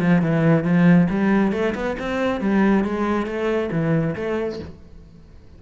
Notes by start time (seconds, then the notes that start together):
0.00 F3
0.21 E3
0.63 F3
1.09 G3
1.52 A3
1.74 B3
1.98 C4
2.40 G3
2.84 G#3
3.26 A3
3.71 E3
4.15 A3